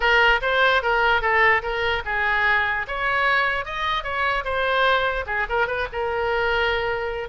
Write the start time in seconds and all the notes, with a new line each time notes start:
0.00 A#4
0.41 C5
0.82 A#4
1.21 A4
1.62 A#4
2.05 G#4
2.87 C#5
3.65 D#5
4.03 C#5
4.44 C5
5.26 G#4
5.49 A#4
5.67 B4
5.92 A#4